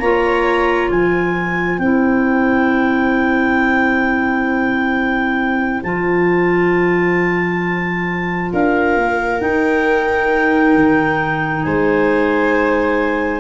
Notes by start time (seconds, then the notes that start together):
0.00 A#3 F4 C#5 A#5
0.91 F3 C5 G#5
1.79 C4 E4 G5
5.83 F3 F4 A5
8.53 D4 A#4 F5
8.96 A#3
9.41 D#4 G5
10.75 D#3
11.63 G#3 C5 G#5